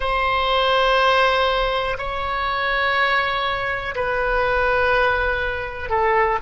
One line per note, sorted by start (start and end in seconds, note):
0.00 1.97 C5
1.98 3.94 C#5
3.95 5.89 B4
5.89 6.38 A4